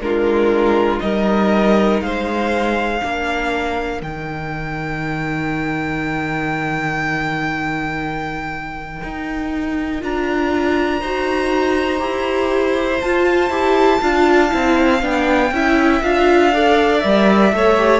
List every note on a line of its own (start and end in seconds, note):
0.00 1.00 G#3
0.00 0.99 D4
0.00 1.03 F4
0.00 1.00 A#4
0.99 2.00 G3
0.99 2.99 D#4
0.99 2.03 A#4
0.99 2.00 D#5
2.00 3.00 G#3
2.00 3.02 C5
2.00 4.01 F5
3.02 4.01 A#3
3.02 4.01 D4
3.02 11.00 A#4
4.01 9.01 D#3
4.01 10.00 D#4
4.01 10.02 G5
9.03 10.03 D#4
10.00 11.01 D4
10.00 11.00 F4
10.00 13.01 A#5
11.00 12.01 D#4
11.00 11.98 F#4
11.00 14.00 C5
11.98 13.01 E4
11.98 12.98 G4
13.01 13.49 F4
13.01 13.51 F4
13.01 15.01 A5
13.49 13.99 E4
13.49 14.01 G4
14.01 14.52 D4
14.01 14.49 F4
14.01 15.51 F5
14.49 15.02 C4
14.49 14.99 E4
15.01 15.51 B3
15.01 15.51 D4
15.01 16.03 G5
15.51 16.01 C#4
15.51 16.03 E4
15.51 16.54 E5
16.03 17.03 D4
16.03 16.53 F4
16.03 17.00 F5
16.53 17.01 A4
16.53 17.54 D5
17.00 17.52 G3
17.00 17.51 A#4
17.00 18.00 E5
17.51 18.00 A3
17.51 17.76 A4
17.51 18.00 C#5
17.77 18.00 G4